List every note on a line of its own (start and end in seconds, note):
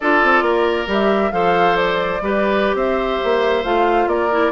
0.00 0.23 D4
0.00 0.87 F4
0.00 0.43 A4
0.00 0.88 D5
0.23 0.41 C4
0.41 0.85 A#3
0.41 1.32 A#4
0.87 1.31 G3
0.87 1.31 G4
0.87 1.32 E5
1.31 2.20 F3
1.31 2.20 A4
1.31 2.22 C5
1.31 1.76 F5
1.76 2.75 D5
2.21 2.74 G3
2.21 3.64 G4
2.21 2.76 B4
2.74 3.18 C4
2.74 4.09 C5
2.74 3.64 E5
3.24 3.64 A#3
3.64 4.06 A3
3.64 4.30 F4
3.64 4.08 F5
4.06 4.50 A#3
4.06 4.52 A#4
4.06 4.52 D5
4.30 4.52 E4